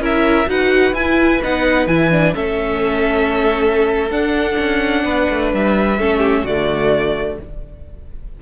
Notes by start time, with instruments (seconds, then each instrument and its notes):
0.00 cello C#4, viola E4, violin A#4 E5
0.47 cello D#4, viola F#4, violin B4 F#5
0.94 cello E4, viola E4, violin G#5
1.43 cello B3, viola D#4, violin F#5
1.87 cello E3, viola E4, violin G#5
2.12 viola D4
2.35 cello A3, viola C#4, violin A4 E5
4.10 cello D4, viola D4, violin F#5
4.59 cello C#4
5.05 cello B3, violin B4
5.30 cello A3
5.54 cello G3, violin E5
5.99 cello A3, viola C#4, violin A4
6.19 violin G4
6.44 cello D3, viola A3, violin F#4 D5